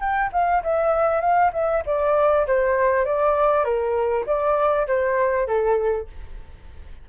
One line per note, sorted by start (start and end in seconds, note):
0.00 0.30 G5
0.33 0.63 F5
0.64 1.21 E5
1.21 1.52 F5
1.53 1.83 E5
1.86 2.47 D5
2.47 3.06 C5
3.06 3.64 D5
3.64 4.25 A#4
4.26 4.87 D5
4.87 5.47 C5
5.47 6.07 A4